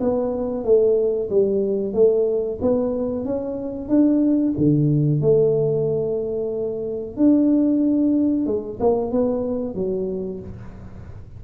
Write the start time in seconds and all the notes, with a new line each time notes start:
0.00 B3
0.64 A3
1.30 G3
1.93 A3
2.61 B3
3.25 C#4
3.88 D4
4.57 D3
5.21 A3
7.16 D4
8.46 G#3
8.80 A#3
9.11 B3
9.74 F#3